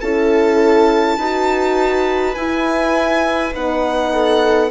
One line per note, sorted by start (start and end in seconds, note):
0.00 1.17 C#4
0.00 1.20 E4
0.00 1.17 A4
0.00 2.35 A5
1.17 2.35 D#4
1.17 2.36 F#4
1.17 4.11 B4
2.35 3.52 E4
2.35 3.54 E4
2.35 3.52 G#5
3.52 4.70 B3
3.52 4.70 D#4
3.52 4.70 F#5
4.12 4.70 A4